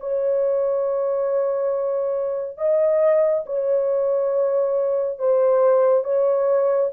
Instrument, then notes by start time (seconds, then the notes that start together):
horn
0.00 C#5
2.58 D#5
3.46 C#5
5.19 C5
6.04 C#5